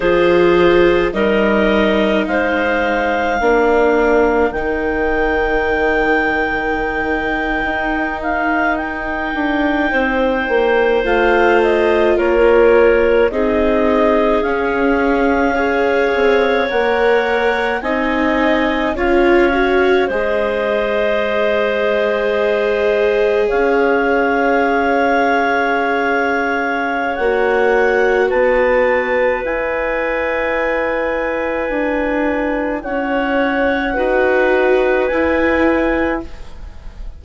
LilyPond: <<
  \new Staff \with { instrumentName = "clarinet" } { \time 4/4 \tempo 4 = 53 c''4 dis''4 f''2 | g''2.~ g''16 f''8 g''16~ | g''4.~ g''16 f''8 dis''8 cis''4 dis''16~ | dis''8. f''2 fis''4 gis''16~ |
gis''8. f''4 dis''2~ dis''16~ | dis''8. f''2.~ f''16 | fis''4 a''4 gis''2~ | gis''4 fis''2 gis''4 | }
  \new Staff \with { instrumentName = "clarinet" } { \time 4/4 gis'4 ais'4 c''4 ais'4~ | ais'1~ | ais'8. c''2 ais'4 gis'16~ | gis'4.~ gis'16 cis''2 dis''16~ |
dis''8. cis''4 c''2~ c''16~ | c''8. cis''2.~ cis''16~ | cis''4 b'2.~ | b'4 cis''4 b'2 | }
  \new Staff \with { instrumentName = "viola" } { \time 4/4 f'4 dis'2 d'4 | dis'1~ | dis'4.~ dis'16 f'2 dis'16~ | dis'8. cis'4 gis'4 ais'4 dis'16~ |
dis'8. f'8 fis'8 gis'2~ gis'16~ | gis'1 | fis'2 e'2~ | e'2 fis'4 e'4 | }
  \new Staff \with { instrumentName = "bassoon" } { \time 4/4 f4 g4 gis4 ais4 | dis2~ dis8. dis'4~ dis'16~ | dis'16 d'8 c'8 ais8 a4 ais4 c'16~ | c'8. cis'4. c'8 ais4 c'16~ |
c'8. cis'4 gis2~ gis16~ | gis8. cis'2.~ cis'16 | ais4 b4 e'2 | d'4 cis'4 dis'4 e'4 | }
>>